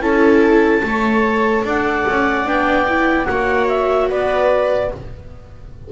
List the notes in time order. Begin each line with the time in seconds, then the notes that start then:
0.00 C#4 E4 A4 A5
0.83 A3 A4 C#5
1.65 D4 D5 F#5
2.09 C#4
2.45 B3 D4 G5
2.88 E4
3.25 A#3 F#4 C#5 F#5
3.68 E5
4.09 B3 B4 D5